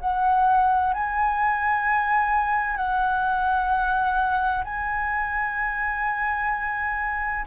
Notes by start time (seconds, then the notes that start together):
0.00 F#5
0.94 G#5
2.77 F#5
4.64 G#5